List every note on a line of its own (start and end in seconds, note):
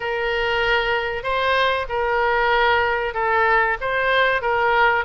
0.00 1.23 A#4
1.23 1.86 C5
1.88 3.13 A#4
3.13 3.77 A4
3.80 4.41 C5
4.41 5.04 A#4